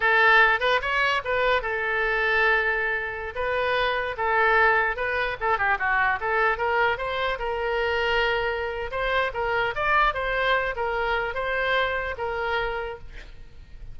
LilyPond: \new Staff \with { instrumentName = "oboe" } { \time 4/4 \tempo 4 = 148 a'4. b'8 cis''4 b'4 | a'1~ | a'16 b'2 a'4.~ a'16~ | a'16 b'4 a'8 g'8 fis'4 a'8.~ |
a'16 ais'4 c''4 ais'4.~ ais'16~ | ais'2 c''4 ais'4 | d''4 c''4. ais'4. | c''2 ais'2 | }